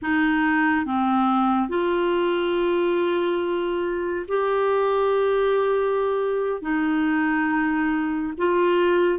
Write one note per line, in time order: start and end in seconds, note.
0.02 0.85 D#4
0.85 1.69 C4
1.69 4.26 F4
4.27 6.61 G4
6.61 8.33 D#4
8.37 9.19 F4